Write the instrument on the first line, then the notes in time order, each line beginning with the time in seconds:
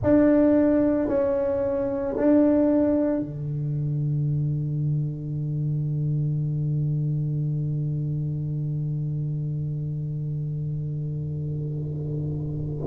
tuba
0.03 D4
1.08 C#4
2.17 D4
3.19 D3